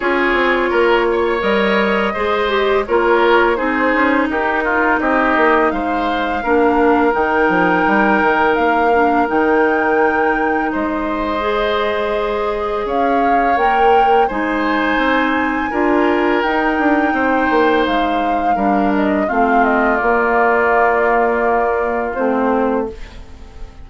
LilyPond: <<
  \new Staff \with { instrumentName = "flute" } { \time 4/4 \tempo 4 = 84 cis''2 dis''2 | cis''4 c''4 ais'4 dis''4 | f''2 g''2 | f''4 g''2 dis''4~ |
dis''2 f''4 g''4 | gis''2. g''4~ | g''4 f''4. dis''8 f''8 dis''8 | d''2. c''4 | }
  \new Staff \with { instrumentName = "oboe" } { \time 4/4 gis'4 ais'8 cis''4. c''4 | ais'4 gis'4 g'8 f'8 g'4 | c''4 ais'2.~ | ais'2. c''4~ |
c''2 cis''2 | c''2 ais'2 | c''2 ais'4 f'4~ | f'1 | }
  \new Staff \with { instrumentName = "clarinet" } { \time 4/4 f'2 ais'4 gis'8 g'8 | f'4 dis'2.~ | dis'4 d'4 dis'2~ | dis'8 d'8 dis'2. |
gis'2. ais'4 | dis'2 f'4 dis'4~ | dis'2 d'4 c'4 | ais2. c'4 | }
  \new Staff \with { instrumentName = "bassoon" } { \time 4/4 cis'8 c'8 ais4 g4 gis4 | ais4 c'8 cis'8 dis'4 c'8 ais8 | gis4 ais4 dis8 f8 g8 dis8 | ais4 dis2 gis4~ |
gis2 cis'4 ais4 | gis4 c'4 d'4 dis'8 d'8 | c'8 ais8 gis4 g4 a4 | ais2. a4 | }
>>